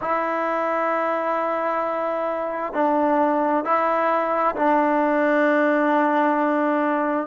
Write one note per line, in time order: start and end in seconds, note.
0.01 2.73 E4
2.73 3.64 D4
3.64 4.55 E4
4.55 7.27 D4